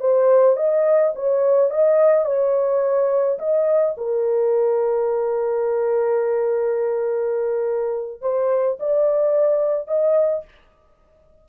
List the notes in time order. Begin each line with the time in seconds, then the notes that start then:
0.00 C5
0.56 D#5
1.15 C#5
1.70 D#5
2.25 C#5
3.39 D#5
3.97 A#4
8.21 C5
8.79 D5
9.88 D#5